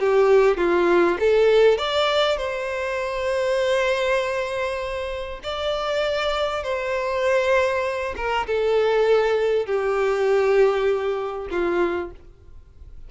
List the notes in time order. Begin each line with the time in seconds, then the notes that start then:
0.00 G4
0.57 F4
1.20 A4
1.78 D5
2.37 C5
5.44 D5
6.64 C5
8.17 A#4
8.47 A4
9.66 G4
11.51 F4